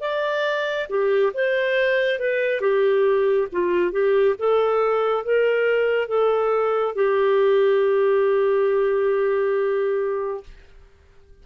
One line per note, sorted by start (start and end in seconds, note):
0.00 0.87 D5
0.89 1.32 G4
1.33 2.19 C5
2.19 2.60 B4
2.60 3.47 G4
3.51 3.91 F4
3.91 4.35 G4
4.38 5.24 A4
5.24 6.08 A#4
6.08 6.95 A4
6.95 10.43 G4